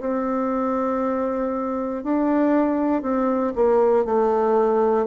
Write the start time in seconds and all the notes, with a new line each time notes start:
0.00 C4
2.03 D4
3.02 C4
3.55 A#3
4.05 A3